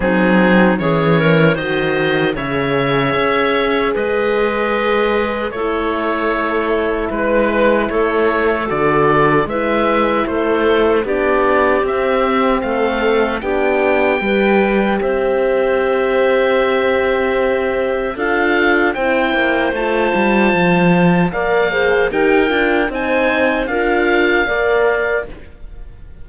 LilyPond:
<<
  \new Staff \with { instrumentName = "oboe" } { \time 4/4 \tempo 4 = 76 gis'4 cis''4 dis''4 e''4~ | e''4 dis''2 cis''4~ | cis''4 b'4 cis''4 d''4 | e''4 c''4 d''4 e''4 |
f''4 g''2 e''4~ | e''2. f''4 | g''4 a''2 f''4 | g''4 gis''4 f''2 | }
  \new Staff \with { instrumentName = "clarinet" } { \time 4/4 dis'4 gis'8 ais'8 c''4 cis''4~ | cis''4 b'2 a'4~ | a'4 b'4 a'2 | b'4 a'4 g'2 |
a'4 g'4 b'4 c''4~ | c''2. a'4 | c''2. d''8 c''8 | ais'4 c''4 ais'4 d''4 | }
  \new Staff \with { instrumentName = "horn" } { \time 4/4 c'4 cis'4 fis'4 gis'4~ | gis'2. e'4~ | e'2. fis'4 | e'2 d'4 c'4~ |
c'4 d'4 g'2~ | g'2. f'4 | e'4 f'2 ais'8 gis'8 | g'8 f'8 dis'4 f'4 ais'4 | }
  \new Staff \with { instrumentName = "cello" } { \time 4/4 fis4 e4 dis4 cis4 | cis'4 gis2 a4~ | a4 gis4 a4 d4 | gis4 a4 b4 c'4 |
a4 b4 g4 c'4~ | c'2. d'4 | c'8 ais8 a8 g8 f4 ais4 | dis'8 d'8 c'4 d'4 ais4 | }
>>